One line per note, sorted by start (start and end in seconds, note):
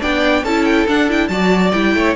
0.00 0.43 B3
0.00 0.43 D4
0.00 0.43 D5
0.00 0.44 G5
0.43 0.86 C#4
0.43 0.88 E4
0.43 1.29 A4
0.43 0.65 A5
0.65 0.86 G5
0.88 1.08 D4
0.88 1.29 D4
0.88 1.10 F#5
1.08 1.30 E4
1.08 1.28 G5
1.28 1.71 F#3
1.28 1.73 F#4
1.28 1.96 D5
1.28 1.71 A5
1.71 1.94 G3
1.71 2.15 E4
1.71 2.14 G5
1.94 2.15 A3
1.94 2.15 C#5